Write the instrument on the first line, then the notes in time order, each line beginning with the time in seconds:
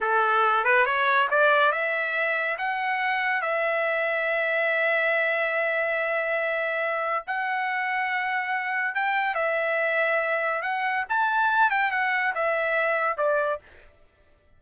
trumpet
0.01 A4
0.64 B4
0.85 C#5
1.30 D5
1.72 E5
2.57 F#5
3.41 E5
7.26 F#5
8.94 G5
9.34 E5
10.62 F#5
11.09 A5
11.70 G5
11.91 F#5
12.34 E5
13.17 D5